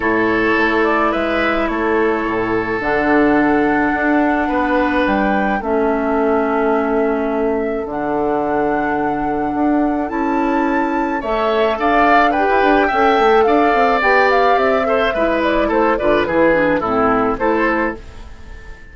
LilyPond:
<<
  \new Staff \with { instrumentName = "flute" } { \time 4/4 \tempo 4 = 107 cis''4. d''8 e''4 cis''4~ | cis''4 fis''2.~ | fis''4 g''4 e''2~ | e''2 fis''2~ |
fis''2 a''2 | e''4 f''4 g''2 | f''4 g''8 f''8 e''4. d''8 | c''8 d''8 b'4 a'4 c''4 | }
  \new Staff \with { instrumentName = "oboe" } { \time 4/4 a'2 b'4 a'4~ | a'1 | b'2 a'2~ | a'1~ |
a'1 | cis''4 d''4 b'4 e''4 | d''2~ d''8 c''8 b'4 | a'8 b'8 gis'4 e'4 a'4 | }
  \new Staff \with { instrumentName = "clarinet" } { \time 4/4 e'1~ | e'4 d'2.~ | d'2 cis'2~ | cis'2 d'2~ |
d'2 e'2 | a'2 g'4 a'4~ | a'4 g'4. a'8 e'4~ | e'8 f'8 e'8 d'8 c'4 e'4 | }
  \new Staff \with { instrumentName = "bassoon" } { \time 4/4 a,4 a4 gis4 a4 | a,4 d2 d'4 | b4 g4 a2~ | a2 d2~ |
d4 d'4 cis'2 | a4 d'4~ d'16 e'16 d'8 cis'8 a8 | d'8 c'8 b4 c'4 gis4 | a8 d8 e4 a,4 a4 | }
>>